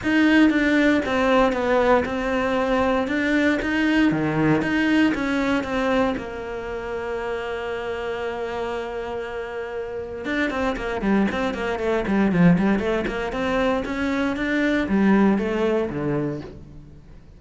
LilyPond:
\new Staff \with { instrumentName = "cello" } { \time 4/4 \tempo 4 = 117 dis'4 d'4 c'4 b4 | c'2 d'4 dis'4 | dis4 dis'4 cis'4 c'4 | ais1~ |
ais1 | d'8 c'8 ais8 g8 c'8 ais8 a8 g8 | f8 g8 a8 ais8 c'4 cis'4 | d'4 g4 a4 d4 | }